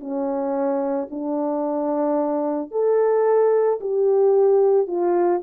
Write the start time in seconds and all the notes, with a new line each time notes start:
0.00 C#4
1.11 D4
2.71 A4
3.80 G4
4.87 F4